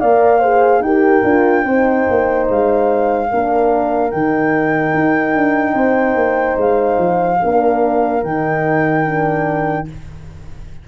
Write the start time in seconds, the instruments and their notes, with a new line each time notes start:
0.00 tuba A#3, horn A#4 D5, flute F5
0.39 horn G#4 C5
0.80 tuba D#4, horn G4 A#4, flute G5
1.23 tuba D4, horn F4
1.64 tuba C4, horn D#4 C5
2.09 tuba A#3
2.49 tuba G#3, flute F5
3.30 tuba A#3, horn D4 A#4
4.10 tuba D#3, horn D#4, flute G5
4.93 tuba D#4
5.34 tuba D4
5.74 tuba C4, horn C5
6.15 tuba A#3
6.57 tuba G#3, flute F5
6.97 tuba F3
7.41 tuba A#3, horn D4 A#4
8.23 tuba D#3, horn D#4, flute G5
9.04 horn D4